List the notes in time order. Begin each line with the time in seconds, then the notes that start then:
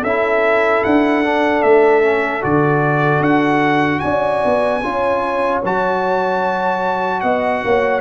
0.00 C#4 E4 A4 E5
0.83 D4 F#5
1.24 D4
1.62 A3 E5
2.02 C#4
2.41 D3 F#4 D5
3.20 D4 F#5
3.99 C#4 D5 G#5
4.44 B3
4.83 C#4 F4 C#5
5.64 F#3 F#4 A5
7.20 B3 D#5 F#5
7.64 A#3 C#5